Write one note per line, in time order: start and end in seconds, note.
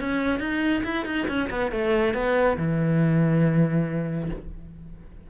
0.00 0.39 C#4
0.39 0.83 D#4
0.84 1.06 E4
1.06 1.27 D#4
1.28 1.50 C#4
1.50 1.71 B3
1.71 2.14 A3
2.14 2.57 B3
2.57 4.30 E3